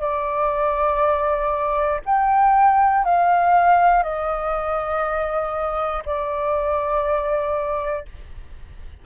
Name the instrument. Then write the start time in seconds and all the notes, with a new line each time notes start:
flute
0.00 D5
2.05 G5
3.05 F5
4.03 D#5
6.05 D5